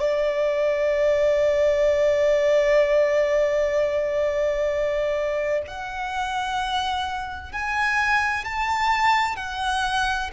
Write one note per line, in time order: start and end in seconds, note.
0.00 5.62 D5
5.67 7.52 F#5
7.52 8.45 G#5
8.45 9.36 A5
9.36 10.30 F#5